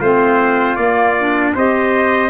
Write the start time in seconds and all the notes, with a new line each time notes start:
0.00 A3 C4 F4 C5
0.76 A#3 D5
1.20 D4
1.55 C4 G4 C5 D#5